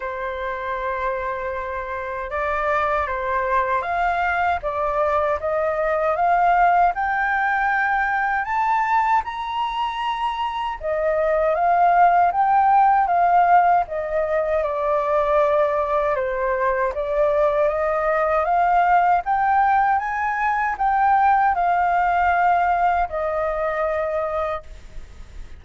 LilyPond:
\new Staff \with { instrumentName = "flute" } { \time 4/4 \tempo 4 = 78 c''2. d''4 | c''4 f''4 d''4 dis''4 | f''4 g''2 a''4 | ais''2 dis''4 f''4 |
g''4 f''4 dis''4 d''4~ | d''4 c''4 d''4 dis''4 | f''4 g''4 gis''4 g''4 | f''2 dis''2 | }